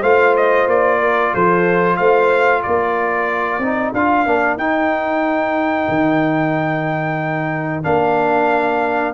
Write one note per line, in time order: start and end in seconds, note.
0.00 0.67 A3
0.00 3.61 F4
0.00 0.98 C5
0.00 0.35 F5
0.36 0.68 D#5
0.67 1.32 A#3
0.67 1.34 D5
0.99 1.32 A#4
1.34 1.99 F3
1.34 1.98 A4
1.34 1.96 C5
1.96 2.64 A3
1.96 2.63 C5
1.96 2.61 F5
2.62 3.58 A#3
2.62 9.14 A#4
2.62 3.93 D5
3.58 3.91 C4
3.58 3.94 D#4
3.93 4.26 D4
3.93 4.26 F4
3.93 4.58 F5
4.26 4.57 A#3
4.26 4.58 D4
4.57 5.87 D#4
4.57 7.83 D#4
4.57 7.84 G5
5.88 7.84 D#3
7.83 9.14 A#3
7.83 9.13 D4
7.83 9.14 F5